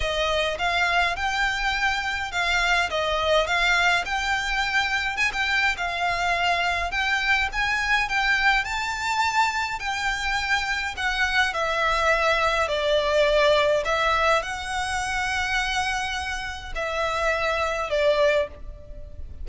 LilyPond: \new Staff \with { instrumentName = "violin" } { \time 4/4 \tempo 4 = 104 dis''4 f''4 g''2 | f''4 dis''4 f''4 g''4~ | g''4 gis''16 g''8. f''2 | g''4 gis''4 g''4 a''4~ |
a''4 g''2 fis''4 | e''2 d''2 | e''4 fis''2.~ | fis''4 e''2 d''4 | }